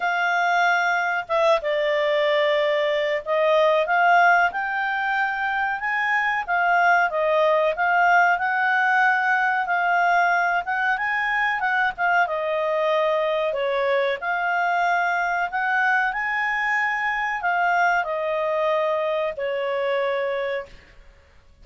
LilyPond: \new Staff \with { instrumentName = "clarinet" } { \time 4/4 \tempo 4 = 93 f''2 e''8 d''4.~ | d''4 dis''4 f''4 g''4~ | g''4 gis''4 f''4 dis''4 | f''4 fis''2 f''4~ |
f''8 fis''8 gis''4 fis''8 f''8 dis''4~ | dis''4 cis''4 f''2 | fis''4 gis''2 f''4 | dis''2 cis''2 | }